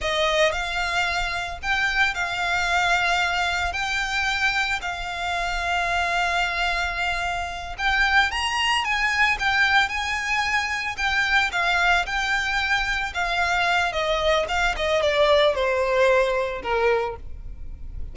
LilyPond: \new Staff \with { instrumentName = "violin" } { \time 4/4 \tempo 4 = 112 dis''4 f''2 g''4 | f''2. g''4~ | g''4 f''2.~ | f''2~ f''8 g''4 ais''8~ |
ais''8 gis''4 g''4 gis''4.~ | gis''8 g''4 f''4 g''4.~ | g''8 f''4. dis''4 f''8 dis''8 | d''4 c''2 ais'4 | }